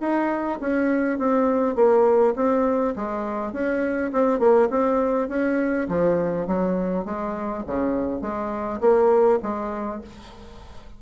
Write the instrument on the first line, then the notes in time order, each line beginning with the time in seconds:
bassoon
0.00 D#4
0.60 C#4
1.18 C4
1.75 A#3
2.36 C4
2.95 G#3
3.52 C#4
4.12 C4
4.39 A#3
4.70 C4
5.29 C#4
5.88 F3
6.47 F#3
7.05 G#3
7.66 C#3
8.21 G#3
8.80 A#3
9.43 G#3